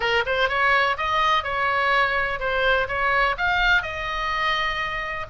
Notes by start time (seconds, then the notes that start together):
0.00 A#4
0.26 C5
0.48 C#5
0.97 D#5
1.43 C#5
2.39 C5
2.88 C#5
3.37 F5
3.82 D#5